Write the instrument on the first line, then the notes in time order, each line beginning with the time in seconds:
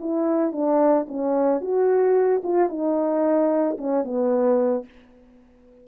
horn
0.00 E4
0.52 D4
1.08 C#4
1.61 F#4
2.44 F4
2.69 D#4
3.78 C#4
4.04 B3